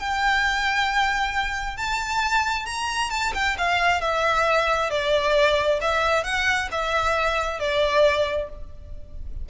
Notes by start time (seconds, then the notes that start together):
0.00 G5
1.77 A5
2.66 A#5
3.11 A5
3.35 G5
3.58 F5
4.02 E5
4.91 D5
5.82 E5
6.24 F#5
6.72 E5
7.60 D5